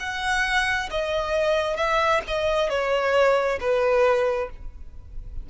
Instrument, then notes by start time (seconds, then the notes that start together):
violin
0.00 F#5
0.91 D#5
1.77 E5
2.28 D#5
2.70 C#5
3.61 B4